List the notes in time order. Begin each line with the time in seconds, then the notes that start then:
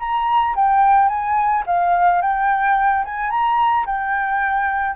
0.00 A#5
0.56 G5
1.09 G#5
1.67 F5
2.22 G5
3.06 G#5
3.31 A#5
3.87 G5